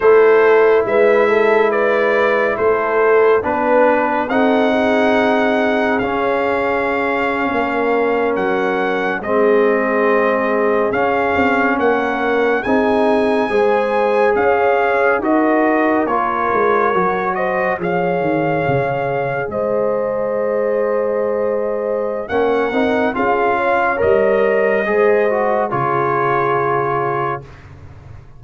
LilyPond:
<<
  \new Staff \with { instrumentName = "trumpet" } { \time 4/4 \tempo 4 = 70 c''4 e''4 d''4 c''4 | b'4 fis''2 f''4~ | f''4.~ f''16 fis''4 dis''4~ dis''16~ | dis''8. f''4 fis''4 gis''4~ gis''16~ |
gis''8. f''4 dis''4 cis''4~ cis''16~ | cis''16 dis''8 f''2 dis''4~ dis''16~ | dis''2 fis''4 f''4 | dis''2 cis''2 | }
  \new Staff \with { instrumentName = "horn" } { \time 4/4 a'4 b'8 a'8 b'4 a'4 | b'4 a'8 gis'2~ gis'8~ | gis'8. ais'2 gis'4~ gis'16~ | gis'4.~ gis'16 ais'4 gis'4 c''16~ |
c''8. cis''4 ais'2~ ais'16~ | ais'16 c''8 cis''2 c''4~ c''16~ | c''2 ais'4 gis'8 cis''8~ | cis''4 c''4 gis'2 | }
  \new Staff \with { instrumentName = "trombone" } { \time 4/4 e'1 | d'4 dis'2 cis'4~ | cis'2~ cis'8. c'4~ c'16~ | c'8. cis'2 dis'4 gis'16~ |
gis'4.~ gis'16 fis'4 f'4 fis'16~ | fis'8. gis'2.~ gis'16~ | gis'2 cis'8 dis'8 f'4 | ais'4 gis'8 fis'8 f'2 | }
  \new Staff \with { instrumentName = "tuba" } { \time 4/4 a4 gis2 a4 | b4 c'2 cis'4~ | cis'8. ais4 fis4 gis4~ gis16~ | gis8. cis'8 c'8 ais4 c'4 gis16~ |
gis8. cis'4 dis'4 ais8 gis8 fis16~ | fis8. f8 dis8 cis4 gis4~ gis16~ | gis2 ais8 c'8 cis'4 | g4 gis4 cis2 | }
>>